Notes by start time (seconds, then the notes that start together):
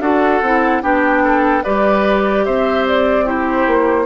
0.00 D4 F#4 A4 F#5
0.41 C4 E4
0.82 B3 D4 G4 G5
1.23 A4
1.64 G3 G4 B4 D5
2.45 C4 C5 E5
2.87 D5
3.25 E4 G4 C5
3.67 A#3